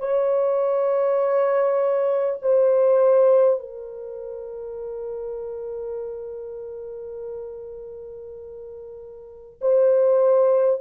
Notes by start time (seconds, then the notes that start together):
0.00 C#5
2.42 C5
3.60 A#4
9.62 C5